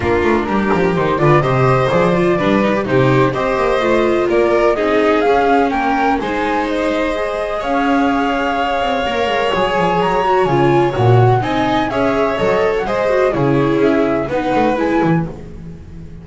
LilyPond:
<<
  \new Staff \with { instrumentName = "flute" } { \time 4/4 \tempo 4 = 126 ais'2 c''8 d''8 dis''4 | d''2 c''4 dis''4~ | dis''4 d''4 dis''4 f''4 | g''4 gis''4 dis''2 |
f''1 | gis''4 ais''4 gis''4 fis''4 | gis''4 e''4 dis''8. fis''16 dis''4 | cis''4 e''4 fis''4 gis''4 | }
  \new Staff \with { instrumentName = "violin" } { \time 4/4 f'4 g'4. b'8 c''4~ | c''4 b'4 g'4 c''4~ | c''4 ais'4 gis'2 | ais'4 c''2. |
cis''1~ | cis''1 | dis''4 cis''2 c''4 | gis'2 b'2 | }
  \new Staff \with { instrumentName = "viola" } { \time 4/4 d'2 dis'8 f'8 g'4 | gis'8 f'8 d'8 dis'16 g'16 dis'4 g'4 | f'2 dis'4 cis'4~ | cis'4 dis'2 gis'4~ |
gis'2. ais'4 | gis'4. fis'8 f'4 fis'4 | dis'4 gis'4 a'4 gis'8 fis'8 | e'2 dis'4 e'4 | }
  \new Staff \with { instrumentName = "double bass" } { \time 4/4 ais8 a8 g8 f8 dis8 d8 c4 | f4 g4 c4 c'8 ais8 | a4 ais4 c'4 cis'4 | ais4 gis2. |
cis'2~ cis'8 c'8 ais8 gis8 | fis8 f8 fis4 cis4 ais,4 | c'4 cis'4 fis4 gis4 | cis4 cis'4 b8 a8 gis8 e8 | }
>>